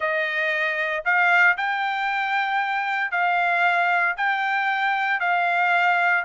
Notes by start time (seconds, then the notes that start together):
0.00 D#5
1.04 F5
1.57 G5
3.11 F5
4.16 G5
5.20 F5